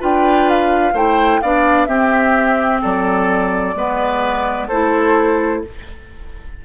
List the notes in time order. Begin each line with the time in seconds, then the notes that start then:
0.00 D4 F4 B4 G5
0.50 F5
0.94 A3 E4 C5 G5
1.42 B3 D4 D5 F5
1.86 C4 G4 E5
2.82 F#3 A4 D5
3.76 G#3 B3 B4
4.68 A3 E4 A4 C5